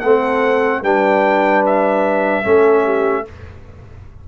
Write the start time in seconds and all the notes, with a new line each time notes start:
0.00 A3 C4 A4 F#5
0.82 G3 D4 B4 G5
1.66 E5
2.44 A3 C#4 A4
2.84 G4